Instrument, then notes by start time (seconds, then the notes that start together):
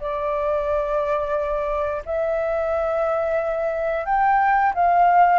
flute
0.00 D5
2.05 E5
4.05 G5
4.74 F5